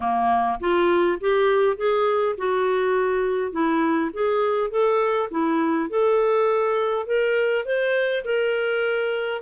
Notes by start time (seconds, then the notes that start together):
0.00 A#3
0.60 F4
1.20 G4
1.76 G#4
2.37 F#4
3.51 E4
4.13 G#4
4.70 A4
5.30 E4
5.89 A4
7.06 A#4
7.65 C5
8.24 A#4